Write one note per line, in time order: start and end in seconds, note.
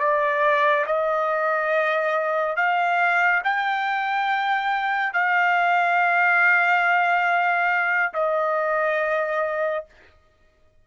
0.00 0.86 D5
0.87 2.57 D#5
2.57 3.42 F5
3.45 5.14 G5
5.14 8.14 F5
8.14 9.86 D#5